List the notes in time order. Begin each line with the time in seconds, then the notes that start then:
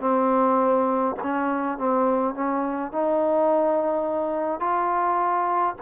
0.00 C4
1.22 C#4
1.78 C4
2.34 C#4
2.92 D#4
4.60 F4